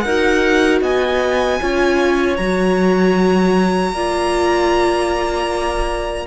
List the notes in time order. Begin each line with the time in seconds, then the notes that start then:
0.00 D#4 A#4 F#5
0.06 F#4
0.81 B3 D#5 G#5
1.60 C#4 F4 C#5
2.36 F#3 F#4 A#5
3.92 A#3 F4 D5